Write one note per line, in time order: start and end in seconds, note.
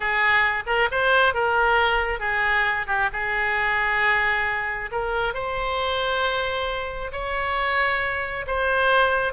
0.00 0.63 G#4
0.66 0.88 A#4
0.91 1.34 C5
1.34 2.19 A#4
2.19 2.86 G#4
2.87 3.09 G4
3.12 4.90 G#4
4.91 5.33 A#4
5.33 7.11 C5
7.12 8.45 C#5
8.46 9.33 C5